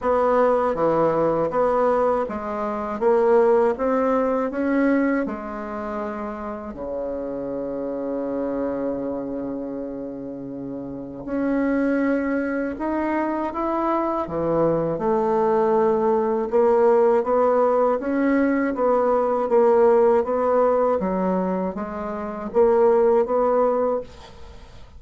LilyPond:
\new Staff \with { instrumentName = "bassoon" } { \time 4/4 \tempo 4 = 80 b4 e4 b4 gis4 | ais4 c'4 cis'4 gis4~ | gis4 cis2.~ | cis2. cis'4~ |
cis'4 dis'4 e'4 e4 | a2 ais4 b4 | cis'4 b4 ais4 b4 | fis4 gis4 ais4 b4 | }